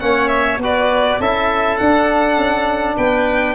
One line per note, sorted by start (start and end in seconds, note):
0.00 0.58 A#3
0.00 0.59 C#4
0.00 0.62 C#5
0.00 0.28 F#5
0.28 0.58 E5
0.58 1.17 B3
0.58 1.22 F#4
0.58 1.21 B4
0.64 1.21 D5
1.20 1.79 C#4
1.20 1.81 E4
1.20 2.97 A4
1.20 1.77 E5
1.77 2.37 D4
1.77 3.55 D4
1.77 2.96 F#5
2.37 2.96 C#4
2.97 3.55 B3
2.97 3.55 B4
2.97 3.55 G5